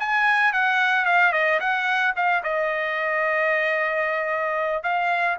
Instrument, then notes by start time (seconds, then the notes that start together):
trumpet
0.00 G#5
0.53 F#5
1.05 F5
1.33 D#5
1.60 F#5
2.16 F5
2.43 D#5
4.83 F5